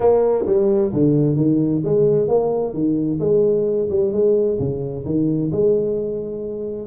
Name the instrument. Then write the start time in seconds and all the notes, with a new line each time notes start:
tuba
0.00 A#3
0.46 G3
0.93 D3
1.36 D#3
1.84 G#3
2.28 A#3
2.73 D#3
3.20 G#3
3.90 G3
4.12 G#3
4.59 C#3
5.05 D#3
5.51 G#3